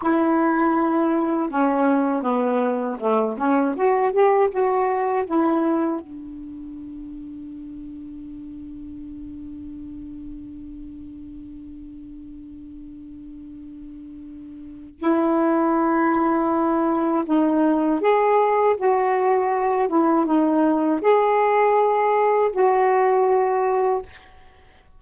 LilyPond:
\new Staff \with { instrumentName = "saxophone" } { \time 4/4 \tempo 4 = 80 e'2 cis'4 b4 | a8 cis'8 fis'8 g'8 fis'4 e'4 | d'1~ | d'1~ |
d'1 | e'2. dis'4 | gis'4 fis'4. e'8 dis'4 | gis'2 fis'2 | }